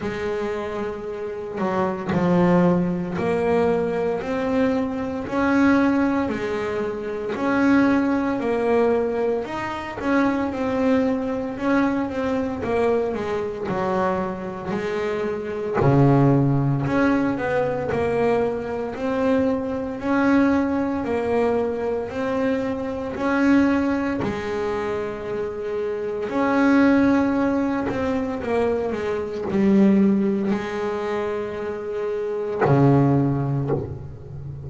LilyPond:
\new Staff \with { instrumentName = "double bass" } { \time 4/4 \tempo 4 = 57 gis4. fis8 f4 ais4 | c'4 cis'4 gis4 cis'4 | ais4 dis'8 cis'8 c'4 cis'8 c'8 | ais8 gis8 fis4 gis4 cis4 |
cis'8 b8 ais4 c'4 cis'4 | ais4 c'4 cis'4 gis4~ | gis4 cis'4. c'8 ais8 gis8 | g4 gis2 cis4 | }